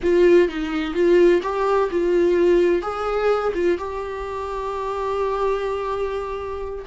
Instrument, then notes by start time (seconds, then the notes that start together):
viola
0.02 F4
0.48 D#4
0.93 F4
1.42 G4
1.90 F4
2.82 G#4
3.54 F4
3.78 G4